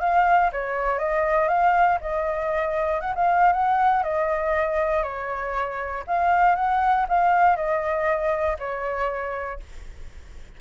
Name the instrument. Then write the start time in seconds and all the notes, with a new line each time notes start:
flute
0.00 F5
0.52 C#5
0.99 D#5
1.48 F5
2.01 D#5
3.01 F#5
3.16 F5
3.53 F#5
4.03 D#5
5.03 C#5
6.07 F5
6.56 F#5
7.09 F5
7.56 D#5
8.59 C#5